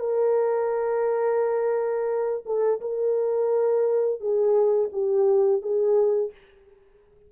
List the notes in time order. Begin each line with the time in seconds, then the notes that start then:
0.00 A#4
2.46 A4
2.81 A#4
4.21 G#4
4.93 G4
5.62 G#4